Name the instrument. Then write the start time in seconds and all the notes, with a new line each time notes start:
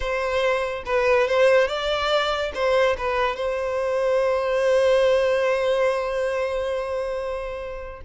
violin
0.00 C5
0.85 B4
1.27 C5
1.67 D5
2.54 C5
2.97 B4
3.36 C5